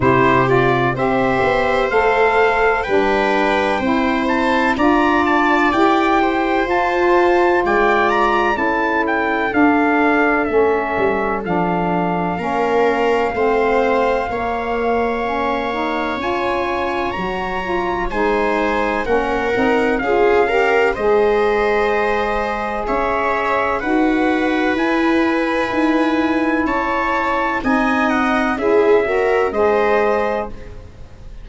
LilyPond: <<
  \new Staff \with { instrumentName = "trumpet" } { \time 4/4 \tempo 4 = 63 c''8 d''8 e''4 f''4 g''4~ | g''8 a''8 ais''8 a''8 g''4 a''4 | g''8 ais''8 a''8 g''8 f''4 e''4 | f''1~ |
f''4 gis''4 ais''4 gis''4 | fis''4 f''4 dis''2 | e''4 fis''4 gis''2 | a''4 gis''8 fis''8 e''4 dis''4 | }
  \new Staff \with { instrumentName = "viola" } { \time 4/4 g'4 c''2 b'4 | c''4 d''4. c''4. | d''4 a'2.~ | a'4 ais'4 c''4 cis''4~ |
cis''2. c''4 | ais'4 gis'8 ais'8 c''2 | cis''4 b'2. | cis''4 dis''4 gis'8 ais'8 c''4 | }
  \new Staff \with { instrumentName = "saxophone" } { \time 4/4 e'8 f'8 g'4 a'4 d'4 | e'4 f'4 g'4 f'4~ | f'4 e'4 d'4 cis'4 | d'4 cis'4 c'4 ais4 |
cis'8 dis'8 f'4 fis'8 f'8 dis'4 | cis'8 dis'8 f'8 g'8 gis'2~ | gis'4 fis'4 e'2~ | e'4 dis'4 e'8 fis'8 gis'4 | }
  \new Staff \with { instrumentName = "tuba" } { \time 4/4 c4 c'8 b8 a4 g4 | c'4 d'4 e'4 f'4 | gis4 cis'4 d'4 a8 g8 | f4 ais4 a4 ais4~ |
ais4 cis'4 fis4 gis4 | ais8 c'8 cis'4 gis2 | cis'4 dis'4 e'4 dis'4 | cis'4 c'4 cis'4 gis4 | }
>>